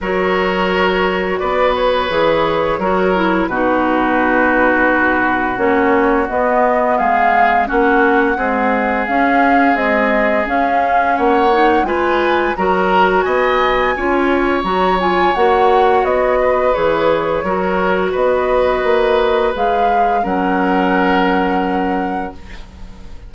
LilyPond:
<<
  \new Staff \with { instrumentName = "flute" } { \time 4/4 \tempo 4 = 86 cis''2 d''8 cis''4.~ | cis''4 b'2. | cis''4 dis''4 f''4 fis''4~ | fis''4 f''4 dis''4 f''4 |
fis''4 gis''4 ais''4 gis''4~ | gis''4 ais''8 gis''8 fis''4 dis''4 | cis''2 dis''2 | f''4 fis''2. | }
  \new Staff \with { instrumentName = "oboe" } { \time 4/4 ais'2 b'2 | ais'4 fis'2.~ | fis'2 gis'4 fis'4 | gis'1 |
cis''4 b'4 ais'4 dis''4 | cis''2.~ cis''8 b'8~ | b'4 ais'4 b'2~ | b'4 ais'2. | }
  \new Staff \with { instrumentName = "clarinet" } { \time 4/4 fis'2. gis'4 | fis'8 e'8 dis'2. | cis'4 b2 cis'4 | gis4 cis'4 gis4 cis'4~ |
cis'8 dis'8 f'4 fis'2 | f'4 fis'8 f'8 fis'2 | gis'4 fis'2. | gis'4 cis'2. | }
  \new Staff \with { instrumentName = "bassoon" } { \time 4/4 fis2 b4 e4 | fis4 b,2. | ais4 b4 gis4 ais4 | c'4 cis'4 c'4 cis'4 |
ais4 gis4 fis4 b4 | cis'4 fis4 ais4 b4 | e4 fis4 b4 ais4 | gis4 fis2. | }
>>